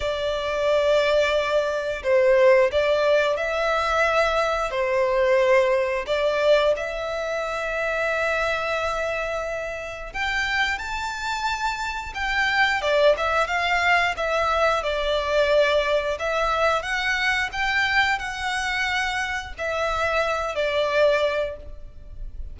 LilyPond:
\new Staff \with { instrumentName = "violin" } { \time 4/4 \tempo 4 = 89 d''2. c''4 | d''4 e''2 c''4~ | c''4 d''4 e''2~ | e''2. g''4 |
a''2 g''4 d''8 e''8 | f''4 e''4 d''2 | e''4 fis''4 g''4 fis''4~ | fis''4 e''4. d''4. | }